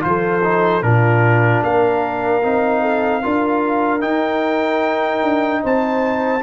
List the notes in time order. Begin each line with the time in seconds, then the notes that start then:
0.00 F3 F4 C5
0.07 A4
0.43 D#4
0.82 A#2 D4 F4 A#4
1.62 A#3 A#4 F5
2.43 C4 D#4
2.81 A4
3.22 D4 F4 A#4
4.00 D#4 G5
5.22 D4
5.62 C4 C5 A5